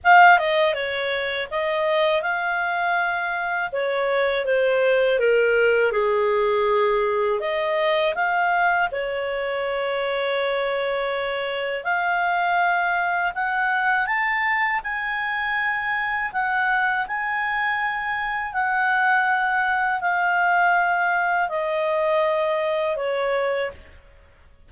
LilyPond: \new Staff \with { instrumentName = "clarinet" } { \time 4/4 \tempo 4 = 81 f''8 dis''8 cis''4 dis''4 f''4~ | f''4 cis''4 c''4 ais'4 | gis'2 dis''4 f''4 | cis''1 |
f''2 fis''4 a''4 | gis''2 fis''4 gis''4~ | gis''4 fis''2 f''4~ | f''4 dis''2 cis''4 | }